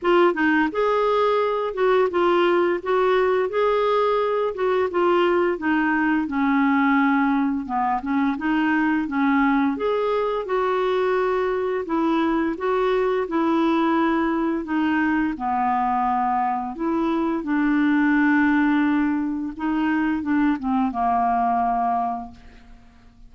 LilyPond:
\new Staff \with { instrumentName = "clarinet" } { \time 4/4 \tempo 4 = 86 f'8 dis'8 gis'4. fis'8 f'4 | fis'4 gis'4. fis'8 f'4 | dis'4 cis'2 b8 cis'8 | dis'4 cis'4 gis'4 fis'4~ |
fis'4 e'4 fis'4 e'4~ | e'4 dis'4 b2 | e'4 d'2. | dis'4 d'8 c'8 ais2 | }